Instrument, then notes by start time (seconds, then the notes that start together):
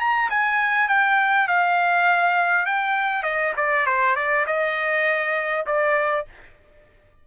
trumpet
0.00 A#5
0.30 G#5
0.89 G5
1.48 F5
2.66 G5
3.23 D#5
3.57 D5
3.86 C5
4.16 D5
4.47 D#5
5.67 D5